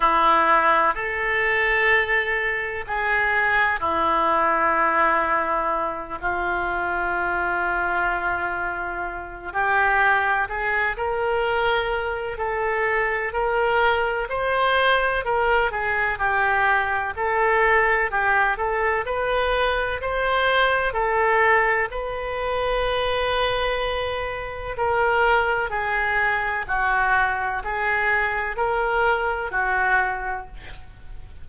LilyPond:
\new Staff \with { instrumentName = "oboe" } { \time 4/4 \tempo 4 = 63 e'4 a'2 gis'4 | e'2~ e'8 f'4.~ | f'2 g'4 gis'8 ais'8~ | ais'4 a'4 ais'4 c''4 |
ais'8 gis'8 g'4 a'4 g'8 a'8 | b'4 c''4 a'4 b'4~ | b'2 ais'4 gis'4 | fis'4 gis'4 ais'4 fis'4 | }